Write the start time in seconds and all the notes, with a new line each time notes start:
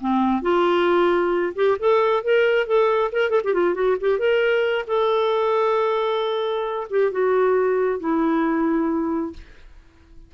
0.00 C4
0.42 F4
1.55 G4
1.79 A4
2.23 A#4
2.66 A4
3.12 A#4
3.30 A4
3.44 G4
3.53 F4
3.74 F#4
4.00 G4
4.18 A#4
4.87 A4
6.90 G4
7.11 F#4
8.00 E4